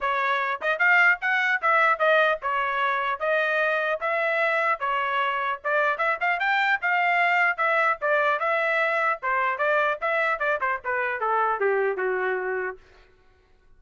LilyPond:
\new Staff \with { instrumentName = "trumpet" } { \time 4/4 \tempo 4 = 150 cis''4. dis''8 f''4 fis''4 | e''4 dis''4 cis''2 | dis''2 e''2 | cis''2 d''4 e''8 f''8 |
g''4 f''2 e''4 | d''4 e''2 c''4 | d''4 e''4 d''8 c''8 b'4 | a'4 g'4 fis'2 | }